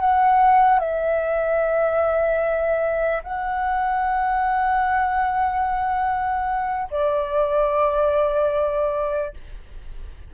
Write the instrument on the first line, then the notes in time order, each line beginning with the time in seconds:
flute
0.00 F#5
0.80 E5
3.24 F#5
6.91 D5